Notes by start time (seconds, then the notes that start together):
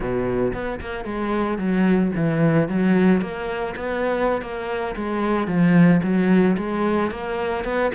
0.00 B2
0.53 B3
0.80 A#3
1.04 G#3
1.58 F#3
2.15 E3
2.68 F#3
3.21 A#3
3.75 B3
4.41 A#3
4.96 G#3
5.47 F3
6.02 F#3
6.57 G#3
7.10 A#3
7.64 B3